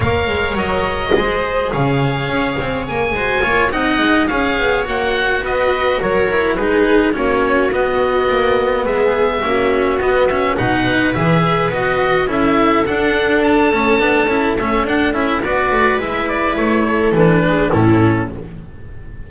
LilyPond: <<
  \new Staff \with { instrumentName = "oboe" } { \time 4/4 \tempo 4 = 105 f''4 dis''2 f''4~ | f''4 gis''4. fis''4 f''8~ | f''8 fis''4 dis''4 cis''4 b'8~ | b'8 cis''4 dis''2 e''8~ |
e''4. dis''8 e''8 fis''4 e''8~ | e''8 dis''4 e''4 fis''4 a''8~ | a''4. e''8 fis''8 e''8 d''4 | e''8 d''8 cis''4 b'4 a'4 | }
  \new Staff \with { instrumentName = "viola" } { \time 4/4 cis''2 c''4 cis''4~ | cis''4. c''8 cis''8 dis''4 cis''8~ | cis''4. b'4 ais'4 gis'8~ | gis'8 fis'2. gis'8~ |
gis'8 fis'2 b'4.~ | b'4. a'2~ a'8~ | a'2. b'4~ | b'4. a'4 gis'8 e'4 | }
  \new Staff \with { instrumentName = "cello" } { \time 4/4 ais'2 gis'2~ | gis'4. fis'8 f'8 dis'4 gis'8~ | gis'8 fis'2~ fis'8 e'8 dis'8~ | dis'8 cis'4 b2~ b8~ |
b8 cis'4 b8 cis'8 dis'4 gis'8~ | gis'8 fis'4 e'4 d'4. | cis'8 d'8 e'8 cis'8 d'8 e'8 fis'4 | e'2 d'4 cis'4 | }
  \new Staff \with { instrumentName = "double bass" } { \time 4/4 ais8 gis8 fis4 gis4 cis4 | cis'8 c'8 ais8 gis8 ais8 c'8 gis8 cis'8 | b8 ais4 b4 fis4 gis8~ | gis8 ais4 b4 ais4 gis8~ |
gis8 ais4 b4 b,4 e8~ | e8 b4 cis'4 d'4. | a8 b8 cis'8 a8 d'8 cis'8 b8 a8 | gis4 a4 e4 a,4 | }
>>